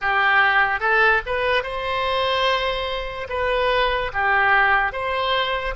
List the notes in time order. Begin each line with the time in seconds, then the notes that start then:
0.01 G4
0.80 A4
1.26 B4
1.63 C5
3.29 B4
4.13 G4
4.92 C5